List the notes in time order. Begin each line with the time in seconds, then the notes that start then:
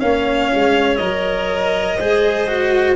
0.00 A#3 C#4 C#5 F5
0.55 G#3
0.97 F#3 A#4 D#5
1.98 G#3 G#4 C5
2.48 F#4